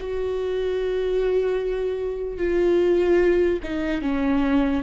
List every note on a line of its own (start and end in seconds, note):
0.00 2.38 F#4
2.38 3.59 F4
3.63 4.02 D#4
4.02 4.83 C#4